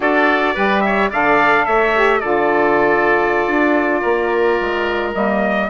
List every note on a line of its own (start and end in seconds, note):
0.00 0.55 D4
0.00 0.54 F#4
0.00 0.54 A4
0.00 0.80 D5
0.54 1.12 G3
0.54 1.10 G4
0.54 0.82 B4
0.80 1.10 C#5
0.80 1.08 E5
1.10 1.66 D3
1.10 1.94 A4
1.10 1.65 D5
1.10 1.65 F5
1.65 2.22 A3
1.65 2.20 C#5
1.65 2.20 E5
1.94 2.21 G4
2.20 3.47 D3
2.20 5.13 F4
2.20 4.01 A4
2.20 5.12 D5
3.47 4.02 D4
4.01 4.60 A#3
4.01 5.68 A#4
4.60 5.15 G#3
5.13 5.69 G3
5.13 5.68 A#3
5.13 5.69 D#5